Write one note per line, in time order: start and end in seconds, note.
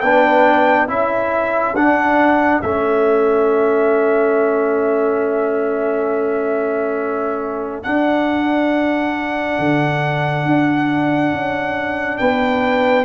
0.00 0.89 B3
0.00 0.88 D4
0.00 0.89 B4
0.00 0.87 G5
0.88 1.74 C#4
0.88 1.75 E4
0.88 12.19 A4
0.88 1.75 E5
1.74 2.61 D4
1.74 2.63 D4
1.74 2.61 F#5
2.61 7.84 A3
2.61 7.83 C#4
2.61 7.83 E5
7.83 13.05 D4
7.83 9.59 D4
7.83 12.18 F#5
9.59 10.45 D3
10.45 11.32 D4
11.33 12.20 C#4
12.18 13.05 B3
12.18 13.05 B4
12.18 13.05 G5